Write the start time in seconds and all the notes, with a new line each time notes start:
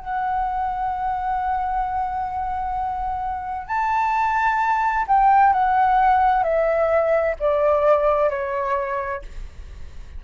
0.00 F#5
3.68 A5
5.08 G5
5.53 F#5
6.43 E5
7.40 D5
8.30 C#5